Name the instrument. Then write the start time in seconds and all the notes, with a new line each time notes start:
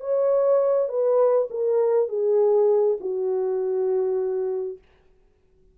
horn
0.00 C#5
0.88 B4
1.50 A#4
2.08 G#4
3.00 F#4